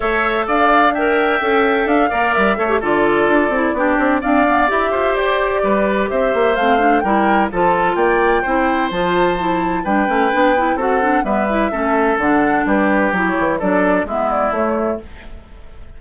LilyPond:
<<
  \new Staff \with { instrumentName = "flute" } { \time 4/4 \tempo 4 = 128 e''4 f''4 g''2 | f''4 e''4 d''2~ | d''4 f''4 e''4 d''4~ | d''4 e''4 f''4 g''4 |
a''4 g''2 a''4~ | a''4 g''2 fis''4 | e''2 fis''4 b'4 | cis''4 d''4 e''8 d''8 cis''4 | }
  \new Staff \with { instrumentName = "oboe" } { \time 4/4 cis''4 d''4 e''2~ | e''8 d''4 cis''8 a'2 | g'4 d''4. c''4. | b'4 c''2 ais'4 |
a'4 d''4 c''2~ | c''4 b'2 a'4 | b'4 a'2 g'4~ | g'4 a'4 e'2 | }
  \new Staff \with { instrumentName = "clarinet" } { \time 4/4 a'2 ais'4 a'4~ | a'8 ais'4 a'16 g'16 f'4. e'8 | d'4 c'8 b8 g'2~ | g'2 c'8 d'8 e'4 |
f'2 e'4 f'4 | e'4 d'8 cis'8 d'8 e'8 fis'8 d'8 | b8 e'8 cis'4 d'2 | e'4 d'4 b4 a4 | }
  \new Staff \with { instrumentName = "bassoon" } { \time 4/4 a4 d'2 cis'4 | d'8 ais8 g8 a8 d4 d'8 c'8 | b8 c'8 d'4 e'8 f'8 g'4 | g4 c'8 ais8 a4 g4 |
f4 ais4 c'4 f4~ | f4 g8 a8 b4 c'4 | g4 a4 d4 g4 | fis8 e8 fis4 gis4 a4 | }
>>